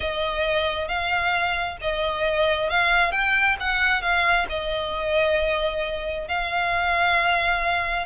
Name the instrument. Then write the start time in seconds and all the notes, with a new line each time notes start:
violin
0.00 D#5
0.87 F5
1.81 D#5
2.69 F5
3.11 G5
3.59 F#5
4.01 F5
4.49 D#5
6.28 F5